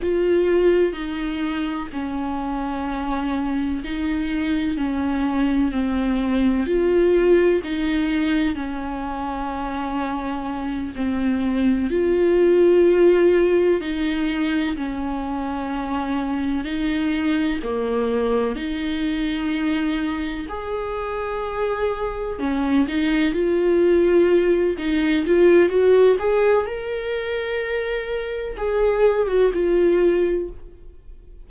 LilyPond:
\new Staff \with { instrumentName = "viola" } { \time 4/4 \tempo 4 = 63 f'4 dis'4 cis'2 | dis'4 cis'4 c'4 f'4 | dis'4 cis'2~ cis'8 c'8~ | c'8 f'2 dis'4 cis'8~ |
cis'4. dis'4 ais4 dis'8~ | dis'4. gis'2 cis'8 | dis'8 f'4. dis'8 f'8 fis'8 gis'8 | ais'2 gis'8. fis'16 f'4 | }